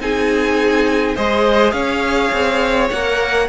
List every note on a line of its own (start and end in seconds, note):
0.00 1.17 C4
0.00 1.16 D#4
0.00 1.16 G#4
0.00 1.17 G#5
1.16 1.73 G#3
1.16 2.91 G#4
1.16 1.74 C5
1.16 1.72 D#5
1.72 2.31 C#4
1.72 3.49 C#5
1.72 2.89 F5
2.32 2.91 C4
2.91 3.49 A#3
2.91 3.49 A#4
2.91 3.49 F#5